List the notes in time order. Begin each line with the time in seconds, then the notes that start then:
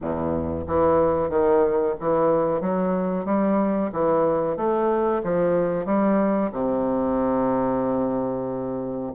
0.00 E2
0.67 E3
1.29 D#3
2.00 E3
2.60 F#3
3.25 G3
3.92 E3
4.57 A3
5.23 F3
5.85 G3
6.52 C3